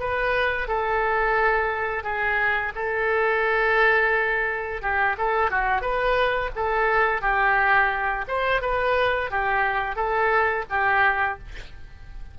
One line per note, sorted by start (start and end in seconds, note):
0.00 0.68 B4
0.68 2.03 A4
2.03 2.72 G#4
2.75 4.82 A4
4.82 5.16 G4
5.18 5.50 A4
5.50 5.81 F#4
5.81 6.50 B4
6.55 7.21 A4
7.21 8.25 G4
8.28 8.61 C5
8.61 9.30 B4
9.31 9.96 G4
9.96 10.65 A4
10.70 11.39 G4